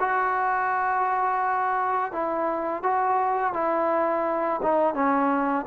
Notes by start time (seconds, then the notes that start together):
0.00 F#4
2.12 E4
2.83 F#4
3.53 E4
4.63 D#4
4.94 C#4